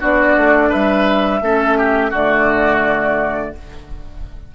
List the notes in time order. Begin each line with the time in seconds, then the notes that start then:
0.00 B3 D4 F#4 D5
0.37 A3
0.69 G3 B4 E5
1.42 A3 C#4 A4
1.78 G4
2.11 D3 A3 F#4 D5